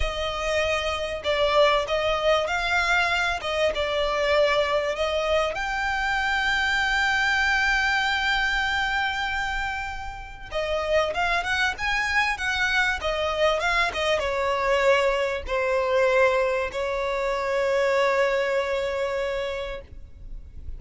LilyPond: \new Staff \with { instrumentName = "violin" } { \time 4/4 \tempo 4 = 97 dis''2 d''4 dis''4 | f''4. dis''8 d''2 | dis''4 g''2.~ | g''1~ |
g''4 dis''4 f''8 fis''8 gis''4 | fis''4 dis''4 f''8 dis''8 cis''4~ | cis''4 c''2 cis''4~ | cis''1 | }